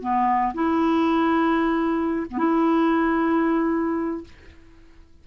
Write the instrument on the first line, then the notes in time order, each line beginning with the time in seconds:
clarinet
0.00 B3
0.54 E4
2.30 B3
2.38 E4